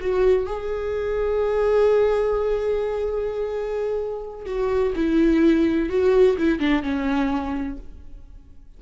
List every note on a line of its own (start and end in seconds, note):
0.00 0.46 F#4
0.46 4.46 G#4
4.46 4.93 F#4
4.95 5.89 E4
5.89 6.36 F#4
6.38 6.59 E4
6.59 6.82 D4
6.82 7.77 C#4